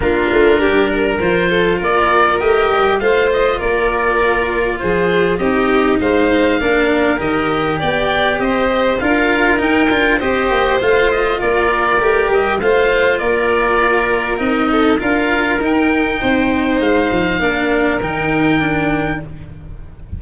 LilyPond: <<
  \new Staff \with { instrumentName = "oboe" } { \time 4/4 \tempo 4 = 100 ais'2 c''4 d''4 | dis''4 f''8 dis''8 d''2 | c''4 dis''4 f''2 | dis''4 g''4 dis''4 f''4 |
g''4 dis''4 f''8 dis''8 d''4~ | d''8 dis''8 f''4 d''2 | dis''4 f''4 g''2 | f''2 g''2 | }
  \new Staff \with { instrumentName = "violin" } { \time 4/4 f'4 g'8 ais'4 a'8 ais'4~ | ais'4 c''4 ais'2 | gis'4 g'4 c''4 ais'4~ | ais'4 d''4 c''4 ais'4~ |
ais'4 c''2 ais'4~ | ais'4 c''4 ais'2~ | ais'8 a'8 ais'2 c''4~ | c''4 ais'2. | }
  \new Staff \with { instrumentName = "cello" } { \time 4/4 d'2 f'2 | g'4 f'2.~ | f'4 dis'2 d'4 | g'2. f'4 |
dis'8 f'8 g'4 f'2 | g'4 f'2. | dis'4 f'4 dis'2~ | dis'4 d'4 dis'4 d'4 | }
  \new Staff \with { instrumentName = "tuba" } { \time 4/4 ais8 a8 g4 f4 ais4 | a8 g8 a4 ais2 | f4 c'4 gis4 ais4 | dis4 b4 c'4 d'4 |
dis'8 d'8 c'8 ais8 a4 ais4 | a8 g8 a4 ais2 | c'4 d'4 dis'4 c'4 | gis8 f8 ais4 dis2 | }
>>